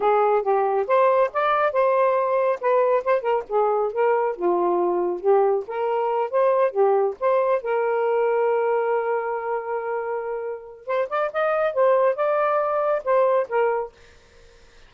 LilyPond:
\new Staff \with { instrumentName = "saxophone" } { \time 4/4 \tempo 4 = 138 gis'4 g'4 c''4 d''4 | c''2 b'4 c''8 ais'8 | gis'4 ais'4 f'2 | g'4 ais'4. c''4 g'8~ |
g'8 c''4 ais'2~ ais'8~ | ais'1~ | ais'4 c''8 d''8 dis''4 c''4 | d''2 c''4 ais'4 | }